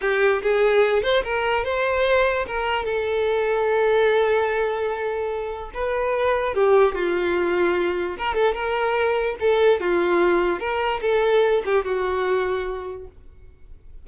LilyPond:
\new Staff \with { instrumentName = "violin" } { \time 4/4 \tempo 4 = 147 g'4 gis'4. c''8 ais'4 | c''2 ais'4 a'4~ | a'1~ | a'2 b'2 |
g'4 f'2. | ais'8 a'8 ais'2 a'4 | f'2 ais'4 a'4~ | a'8 g'8 fis'2. | }